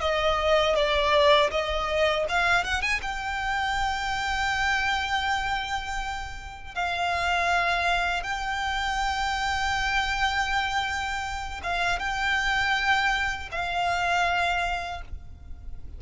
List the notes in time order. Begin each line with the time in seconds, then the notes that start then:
0.00 D#5
0.75 D5
1.50 D#5
2.28 F5
2.64 F#5
2.81 G#5
3.02 G5
6.74 F5
8.23 G5
11.63 F5
11.99 G5
13.51 F5